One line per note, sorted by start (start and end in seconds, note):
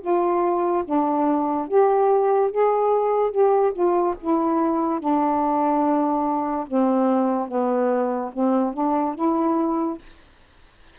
0.00 0.83 F4
0.84 1.67 D4
1.67 2.51 G4
2.51 3.31 G#4
3.31 3.72 G4
3.72 4.14 F4
4.20 5.00 E4
5.00 6.66 D4
6.67 7.47 C4
7.47 8.31 B3
8.33 8.73 C4
8.73 9.14 D4
9.14 9.98 E4